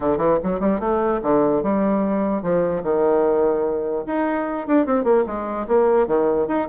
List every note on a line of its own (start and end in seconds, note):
0.00 0.17 D3
0.17 0.38 E3
0.43 0.60 F#3
0.60 0.80 G3
0.80 1.20 A3
1.22 1.62 D3
1.62 2.42 G3
2.42 2.82 F3
2.83 4.04 D#3
4.06 4.67 D#4
4.67 4.86 D4
4.86 5.04 C4
5.04 5.24 A#3
5.26 5.66 G#3
5.67 6.07 A#3
6.07 6.47 D#3
6.47 6.68 D#4